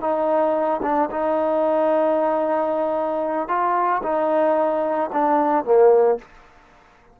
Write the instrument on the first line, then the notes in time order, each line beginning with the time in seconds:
trombone
0.00 D#4
0.82 D4
1.10 D#4
3.48 F4
4.03 D#4
5.12 D4
5.64 A#3